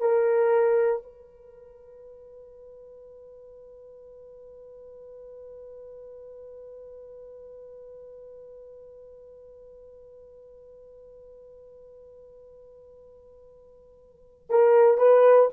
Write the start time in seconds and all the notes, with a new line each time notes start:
0.00 A#4
1.03 B4
14.50 A#4
14.98 B4